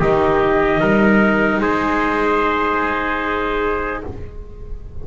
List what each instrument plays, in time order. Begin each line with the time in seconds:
0.00 double bass D#3, viola D#4, trumpet G4 D#5
0.80 double bass G3, trumpet A#4
1.60 double bass G#3, trumpet G#4 C5